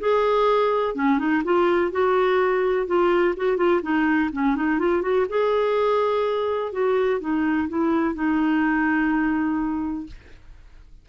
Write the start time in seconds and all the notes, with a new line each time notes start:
0.00 G#4
0.95 C#4
1.19 D#4
1.45 F4
1.92 F#4
2.87 F4
3.37 F#4
3.58 F4
3.83 D#4
4.33 C#4
4.56 D#4
4.79 F4
5.02 F#4
5.29 G#4
6.72 F#4
7.20 D#4
7.69 E4
8.15 D#4